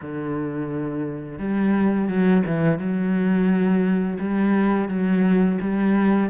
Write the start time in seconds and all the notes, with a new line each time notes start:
0.01 D3
1.38 G3
2.08 F#3
2.46 E3
2.78 F#3
4.19 G3
4.88 F#3
5.61 G3